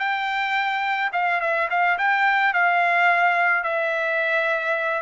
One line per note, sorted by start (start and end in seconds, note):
0.00 1.11 G5
1.13 1.41 F5
1.41 1.69 E5
1.70 1.98 F5
1.99 2.54 G5
2.54 3.64 F5
3.64 5.03 E5